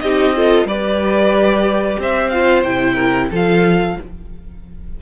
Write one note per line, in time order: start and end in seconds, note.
0.00 0.64 C4
0.00 0.35 D#4
0.00 0.36 G4
0.00 0.66 D#5
0.35 0.68 F4
0.35 0.68 A4
0.64 1.96 G3
0.64 2.32 G4
0.64 1.99 B4
0.64 1.99 D5
1.99 2.63 C4
1.99 2.94 C5
1.99 2.29 E5
2.29 2.65 F4
2.29 2.62 F5
2.63 3.29 C3
2.63 3.31 E4
2.63 3.30 G5
2.94 3.27 A#4
3.30 3.97 F3
3.30 3.98 F4
3.30 3.96 A4
3.30 4.01 F5